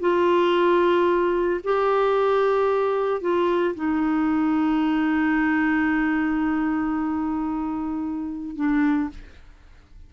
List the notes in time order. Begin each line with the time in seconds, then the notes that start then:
0.00 F4
1.64 G4
3.21 F4
3.75 D#4
8.56 D4